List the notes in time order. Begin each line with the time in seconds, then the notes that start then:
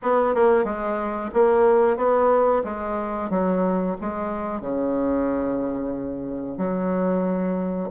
0.02 B3
0.34 A#3
0.64 G#3
1.33 A#3
1.96 B3
2.64 G#3
3.30 F#3
4.00 G#3
4.61 C#3
6.57 F#3